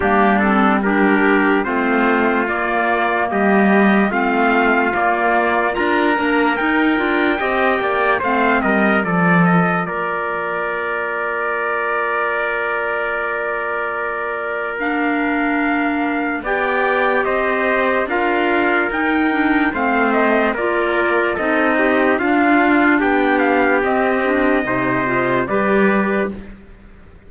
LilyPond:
<<
  \new Staff \with { instrumentName = "trumpet" } { \time 4/4 \tempo 4 = 73 g'8 a'8 ais'4 c''4 d''4 | dis''4 f''4 d''4 ais''4 | g''2 f''8 dis''8 d''8 dis''8 | d''1~ |
d''2 f''2 | g''4 dis''4 f''4 g''4 | f''8 dis''8 d''4 dis''4 f''4 | g''8 f''8 dis''2 d''4 | }
  \new Staff \with { instrumentName = "trumpet" } { \time 4/4 d'4 g'4 f'2 | g'4 f'2 ais'4~ | ais'4 dis''8 d''8 c''8 ais'8 a'4 | ais'1~ |
ais'1 | d''4 c''4 ais'2 | c''4 ais'4 a'8 g'8 f'4 | g'2 c''4 b'4 | }
  \new Staff \with { instrumentName = "clarinet" } { \time 4/4 ais8 c'8 d'4 c'4 ais4~ | ais4 c'4 ais4 f'8 d'8 | dis'8 f'8 g'4 c'4 f'4~ | f'1~ |
f'2 d'2 | g'2 f'4 dis'8 d'8 | c'4 f'4 dis'4 d'4~ | d'4 c'8 d'8 dis'8 f'8 g'4 | }
  \new Staff \with { instrumentName = "cello" } { \time 4/4 g2 a4 ais4 | g4 a4 ais4 d'8 ais8 | dis'8 d'8 c'8 ais8 a8 g8 f4 | ais1~ |
ais1 | b4 c'4 d'4 dis'4 | a4 ais4 c'4 d'4 | b4 c'4 c4 g4 | }
>>